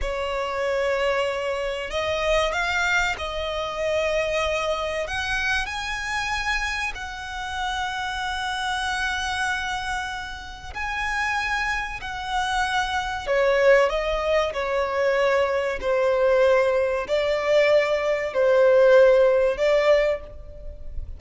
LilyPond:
\new Staff \with { instrumentName = "violin" } { \time 4/4 \tempo 4 = 95 cis''2. dis''4 | f''4 dis''2. | fis''4 gis''2 fis''4~ | fis''1~ |
fis''4 gis''2 fis''4~ | fis''4 cis''4 dis''4 cis''4~ | cis''4 c''2 d''4~ | d''4 c''2 d''4 | }